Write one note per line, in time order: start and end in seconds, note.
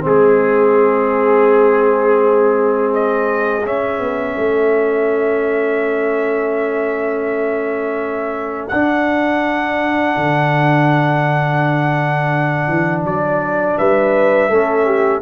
0.00 3.65 G#3
0.00 3.61 C4
0.00 4.37 G#4
0.06 2.94 G#4
2.94 3.66 D#5
3.65 3.99 C#4
3.65 8.71 C#4
3.65 8.68 E5
3.99 4.35 B3
4.37 8.71 A3
4.37 13.76 A4
8.68 10.16 D4
8.68 14.51 D4
8.68 13.02 F#5
10.16 12.68 D3
12.68 13.04 E3
13.04 13.76 F#3
13.04 13.78 D5
13.77 14.49 G3
13.77 14.49 B4
13.77 15.21 E5
14.49 15.21 A3
14.49 15.21 C#4
14.49 14.86 A4
14.86 15.21 G4